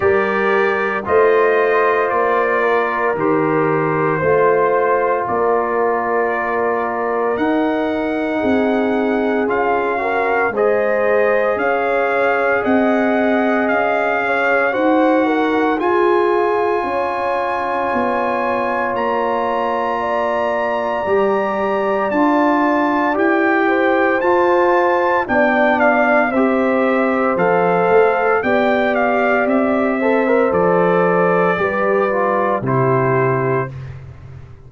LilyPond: <<
  \new Staff \with { instrumentName = "trumpet" } { \time 4/4 \tempo 4 = 57 d''4 dis''4 d''4 c''4~ | c''4 d''2 fis''4~ | fis''4 f''4 dis''4 f''4 | fis''4 f''4 fis''4 gis''4~ |
gis''2 ais''2~ | ais''4 a''4 g''4 a''4 | g''8 f''8 e''4 f''4 g''8 f''8 | e''4 d''2 c''4 | }
  \new Staff \with { instrumentName = "horn" } { \time 4/4 ais'4 c''4. ais'4. | c''4 ais'2. | gis'4. ais'8 c''4 cis''4 | dis''4. cis''8 c''8 ais'8 gis'4 |
cis''2. d''4~ | d''2~ d''8 c''4. | d''4 c''2 d''4~ | d''8 c''4. b'4 g'4 | }
  \new Staff \with { instrumentName = "trombone" } { \time 4/4 g'4 f'2 g'4 | f'2. dis'4~ | dis'4 f'8 fis'8 gis'2~ | gis'2 fis'4 f'4~ |
f'1 | g'4 f'4 g'4 f'4 | d'4 g'4 a'4 g'4~ | g'8 a'16 ais'16 a'4 g'8 f'8 e'4 | }
  \new Staff \with { instrumentName = "tuba" } { \time 4/4 g4 a4 ais4 dis4 | a4 ais2 dis'4 | c'4 cis'4 gis4 cis'4 | c'4 cis'4 dis'4 f'4 |
cis'4 b4 ais2 | g4 d'4 e'4 f'4 | b4 c'4 f8 a8 b4 | c'4 f4 g4 c4 | }
>>